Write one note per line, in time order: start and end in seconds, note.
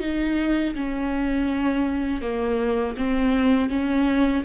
0.00 0.74 D#4
0.75 2.21 C#4
2.21 2.95 A#3
2.97 3.69 C4
3.69 4.43 C#4